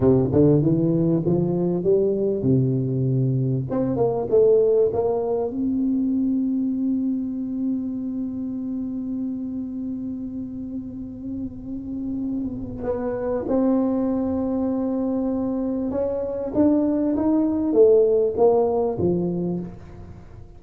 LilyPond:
\new Staff \with { instrumentName = "tuba" } { \time 4/4 \tempo 4 = 98 c8 d8 e4 f4 g4 | c2 c'8 ais8 a4 | ais4 c'2.~ | c'1~ |
c'1~ | c'4 b4 c'2~ | c'2 cis'4 d'4 | dis'4 a4 ais4 f4 | }